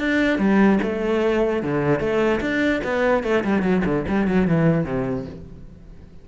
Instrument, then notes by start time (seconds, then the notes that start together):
cello
0.00 D4
0.39 G3
0.83 A3
1.63 D3
2.00 A3
2.41 D4
2.85 B3
3.24 A3
3.45 G3
3.63 F#3
3.86 D3
4.09 G3
4.28 F#3
4.48 E3
4.85 C3